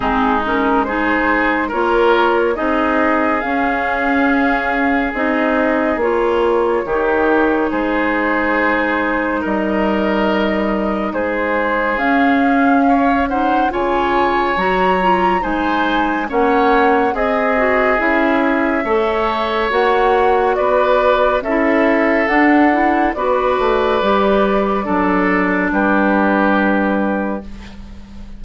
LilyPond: <<
  \new Staff \with { instrumentName = "flute" } { \time 4/4 \tempo 4 = 70 gis'8 ais'8 c''4 cis''4 dis''4 | f''2 dis''4 cis''4~ | cis''4 c''2 dis''4~ | dis''4 c''4 f''4. fis''8 |
gis''4 ais''4 gis''4 fis''4 | dis''4 e''2 fis''4 | d''4 e''4 fis''4 d''4~ | d''2 b'2 | }
  \new Staff \with { instrumentName = "oboe" } { \time 4/4 dis'4 gis'4 ais'4 gis'4~ | gis'1 | g'4 gis'2 ais'4~ | ais'4 gis'2 cis''8 c''8 |
cis''2 c''4 cis''4 | gis'2 cis''2 | b'4 a'2 b'4~ | b'4 a'4 g'2 | }
  \new Staff \with { instrumentName = "clarinet" } { \time 4/4 c'8 cis'8 dis'4 f'4 dis'4 | cis'2 dis'4 f'4 | dis'1~ | dis'2 cis'4. dis'8 |
f'4 fis'8 f'8 dis'4 cis'4 | gis'8 fis'8 e'4 a'4 fis'4~ | fis'4 e'4 d'8 e'8 fis'4 | g'4 d'2. | }
  \new Staff \with { instrumentName = "bassoon" } { \time 4/4 gis2 ais4 c'4 | cis'2 c'4 ais4 | dis4 gis2 g4~ | g4 gis4 cis'2 |
cis4 fis4 gis4 ais4 | c'4 cis'4 a4 ais4 | b4 cis'4 d'4 b8 a8 | g4 fis4 g2 | }
>>